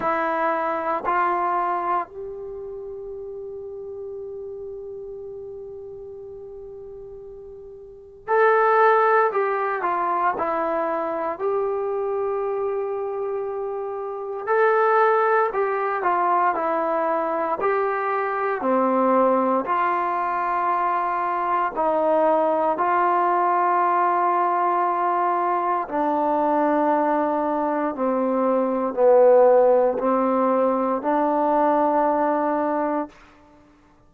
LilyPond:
\new Staff \with { instrumentName = "trombone" } { \time 4/4 \tempo 4 = 58 e'4 f'4 g'2~ | g'1 | a'4 g'8 f'8 e'4 g'4~ | g'2 a'4 g'8 f'8 |
e'4 g'4 c'4 f'4~ | f'4 dis'4 f'2~ | f'4 d'2 c'4 | b4 c'4 d'2 | }